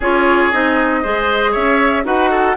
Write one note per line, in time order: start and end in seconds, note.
0.00 0.52 C#4
0.00 0.52 F4
0.00 1.00 G#4
0.00 0.51 C#5
0.51 1.04 C4
0.51 1.03 D#4
0.51 1.53 D#5
1.03 1.56 G#3
1.03 2.04 G#4
1.03 1.51 C5
1.51 2.04 C#4
1.51 2.03 C#5
1.51 2.04 E5
2.04 2.56 D#4
2.04 2.55 F#4
2.04 2.30 B4
2.04 2.56 F#5
2.30 2.56 A4